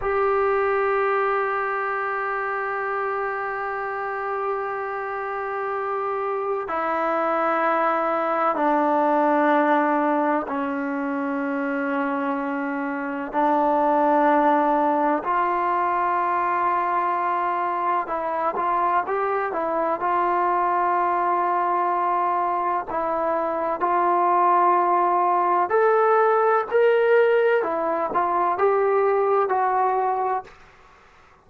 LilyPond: \new Staff \with { instrumentName = "trombone" } { \time 4/4 \tempo 4 = 63 g'1~ | g'2. e'4~ | e'4 d'2 cis'4~ | cis'2 d'2 |
f'2. e'8 f'8 | g'8 e'8 f'2. | e'4 f'2 a'4 | ais'4 e'8 f'8 g'4 fis'4 | }